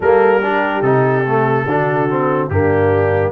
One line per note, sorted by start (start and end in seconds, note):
0.00 0.81 G3
0.00 0.42 A#3
0.00 0.41 A4
0.00 0.82 A#4
0.42 0.83 D4
0.42 1.66 G4
0.81 1.64 C3
0.81 1.25 D#4
0.81 2.48 A4
1.26 1.67 A3
1.65 2.48 D3
1.65 2.09 D4
1.65 2.49 F#4
2.09 2.50 C4
2.49 3.32 G2
2.49 3.32 A#3
2.49 3.32 D4
2.49 3.32 G4